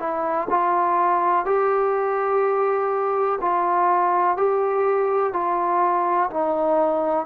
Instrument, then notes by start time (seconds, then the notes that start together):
trombone
0.00 E4
0.50 F4
1.46 G4
3.41 F4
4.38 G4
5.33 F4
6.30 D#4